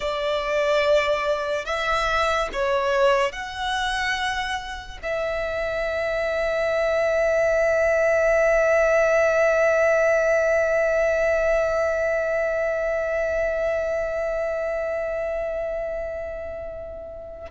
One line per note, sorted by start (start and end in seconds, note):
0.00 1.65 D5
1.65 2.48 E5
2.52 3.31 C#5
3.31 4.98 F#5
5.02 17.50 E5